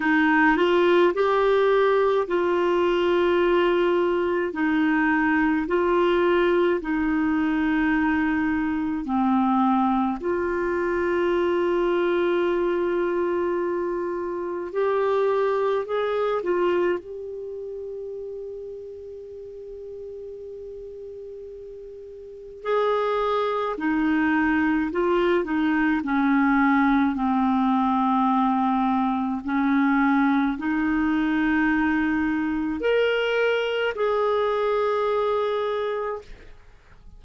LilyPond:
\new Staff \with { instrumentName = "clarinet" } { \time 4/4 \tempo 4 = 53 dis'8 f'8 g'4 f'2 | dis'4 f'4 dis'2 | c'4 f'2.~ | f'4 g'4 gis'8 f'8 g'4~ |
g'1 | gis'4 dis'4 f'8 dis'8 cis'4 | c'2 cis'4 dis'4~ | dis'4 ais'4 gis'2 | }